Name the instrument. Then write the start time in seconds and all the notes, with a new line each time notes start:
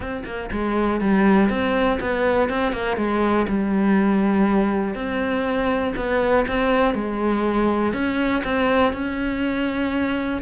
cello
0.00 C4
0.25 A#3
0.52 G#3
1.00 G3
1.49 C4
2.00 B3
2.49 C4
2.72 A#3
2.96 G#3
3.48 G3
4.94 C4
5.95 B3
6.47 C4
6.94 G#3
7.93 C#4
8.43 C4
8.93 C#4